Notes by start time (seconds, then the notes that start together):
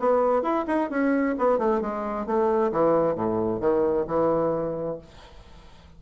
0.00 B3
0.43 E4
0.68 D#4
0.90 C#4
1.39 B3
1.59 A3
1.82 G#3
2.27 A3
2.72 E3
3.15 A2
3.61 D#3
4.08 E3